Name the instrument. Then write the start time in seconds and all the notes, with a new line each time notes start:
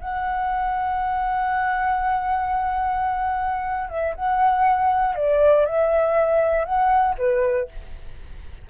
flute
0.00 F#5
3.89 E5
4.15 F#5
5.15 D5
5.65 E5
6.65 F#5
7.18 B4